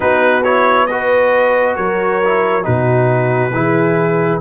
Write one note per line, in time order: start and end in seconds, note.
0.00 1.76 B3
0.00 0.42 D#4
0.00 0.87 F#4
0.00 0.43 B4
0.43 0.88 E4
0.43 0.87 C#5
0.87 2.23 F#4
0.87 1.76 B4
0.87 1.75 D#5
1.76 2.65 F#3
1.76 2.64 A#4
1.76 2.64 C#5
2.24 2.62 E4
2.62 3.51 B2
2.62 3.50 D#4
2.62 3.52 F#4
2.62 4.40 B4
3.51 4.39 E3
3.51 4.40 E4
3.51 4.40 G#4